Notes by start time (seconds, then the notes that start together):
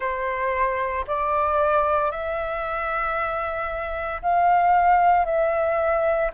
0.00 C5
1.07 D5
2.11 E5
4.22 F5
5.25 E5